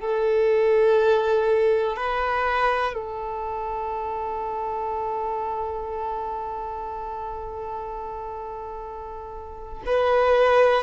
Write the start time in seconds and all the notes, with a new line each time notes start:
0.00 A4
1.97 B4
2.94 A4
9.86 B4